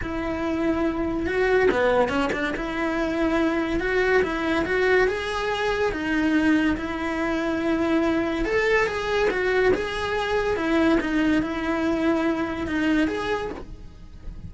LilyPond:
\new Staff \with { instrumentName = "cello" } { \time 4/4 \tempo 4 = 142 e'2. fis'4 | b4 cis'8 d'8 e'2~ | e'4 fis'4 e'4 fis'4 | gis'2 dis'2 |
e'1 | a'4 gis'4 fis'4 gis'4~ | gis'4 e'4 dis'4 e'4~ | e'2 dis'4 gis'4 | }